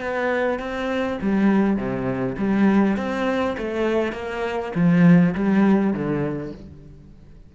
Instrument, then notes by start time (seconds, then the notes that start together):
cello
0.00 B3
0.59 C4
1.21 G3
1.77 C3
2.38 G3
2.97 C4
3.58 A3
4.12 A#3
4.75 F3
5.34 G3
5.93 D3